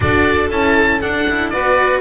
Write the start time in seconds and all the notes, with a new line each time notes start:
0.00 D4 F#4 A4 D5
0.49 C#4 E4 A5
1.01 D4 F#5
1.29 E4
1.49 B3 F#4 B4 D5